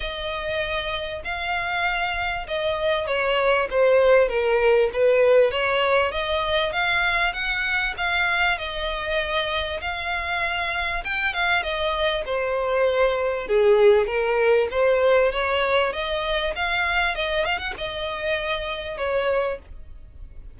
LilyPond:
\new Staff \with { instrumentName = "violin" } { \time 4/4 \tempo 4 = 98 dis''2 f''2 | dis''4 cis''4 c''4 ais'4 | b'4 cis''4 dis''4 f''4 | fis''4 f''4 dis''2 |
f''2 g''8 f''8 dis''4 | c''2 gis'4 ais'4 | c''4 cis''4 dis''4 f''4 | dis''8 f''16 fis''16 dis''2 cis''4 | }